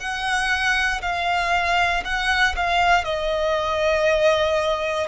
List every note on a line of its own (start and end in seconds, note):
0.00 1.02 F#5
1.02 2.04 F5
2.05 2.56 F#5
2.57 3.05 F5
3.05 5.08 D#5